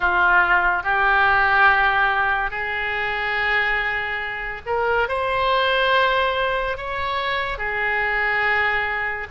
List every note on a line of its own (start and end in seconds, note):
0.00 0.83 F4
0.83 2.50 G4
2.50 4.61 G#4
4.66 5.08 A#4
5.08 6.77 C5
6.77 7.58 C#5
7.58 9.27 G#4